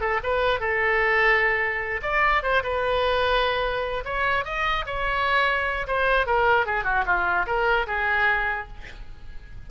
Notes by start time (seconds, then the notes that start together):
0.00 A4
0.23 B4
0.60 A4
2.02 D5
2.43 C5
2.63 B4
4.05 C#5
4.45 D#5
4.86 C#5
5.87 C5
6.26 A#4
6.66 G#4
6.84 F#4
7.06 F4
7.46 A#4
7.87 G#4